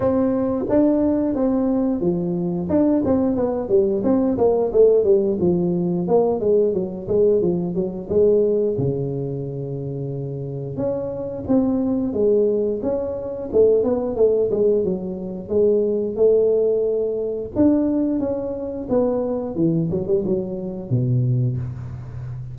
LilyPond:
\new Staff \with { instrumentName = "tuba" } { \time 4/4 \tempo 4 = 89 c'4 d'4 c'4 f4 | d'8 c'8 b8 g8 c'8 ais8 a8 g8 | f4 ais8 gis8 fis8 gis8 f8 fis8 | gis4 cis2. |
cis'4 c'4 gis4 cis'4 | a8 b8 a8 gis8 fis4 gis4 | a2 d'4 cis'4 | b4 e8 fis16 g16 fis4 b,4 | }